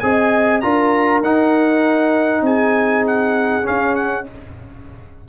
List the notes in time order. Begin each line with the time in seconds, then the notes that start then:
0.00 C4 G#4 D#5 G#5
0.61 D4 F4 A#4 A#5
1.22 D#4 F#5
2.42 C4 G#4 G#5
3.07 F#5
3.63 C#4 F5
3.96 F#5